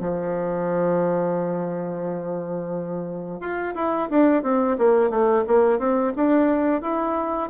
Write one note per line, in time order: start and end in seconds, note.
0.00 3.40 F3
3.40 3.74 F4
3.74 4.08 E4
4.10 4.43 D4
4.43 4.77 C4
4.78 5.10 A#3
5.10 5.44 A3
5.47 5.79 A#3
5.79 6.13 C4
6.16 6.81 D4
6.81 7.49 E4